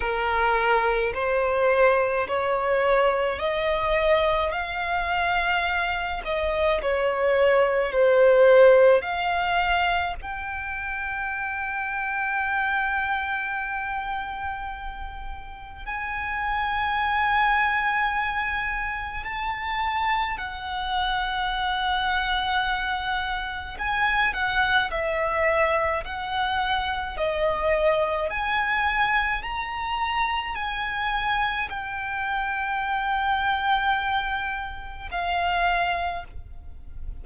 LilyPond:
\new Staff \with { instrumentName = "violin" } { \time 4/4 \tempo 4 = 53 ais'4 c''4 cis''4 dis''4 | f''4. dis''8 cis''4 c''4 | f''4 g''2.~ | g''2 gis''2~ |
gis''4 a''4 fis''2~ | fis''4 gis''8 fis''8 e''4 fis''4 | dis''4 gis''4 ais''4 gis''4 | g''2. f''4 | }